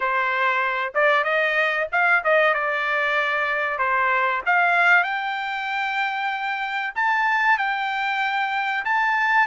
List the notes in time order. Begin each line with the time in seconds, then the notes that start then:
0.00 C5
0.94 D5
1.23 D#5
1.91 F5
2.23 D#5
2.53 D5
3.78 C5
4.46 F5
5.03 G5
6.95 A5
7.58 G5
8.84 A5